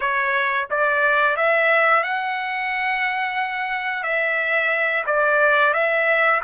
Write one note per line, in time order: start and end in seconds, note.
0.00 0.67 C#5
0.70 1.36 D5
1.36 2.03 E5
2.03 4.03 F#5
4.03 5.04 E5
5.06 5.73 D5
5.73 6.40 E5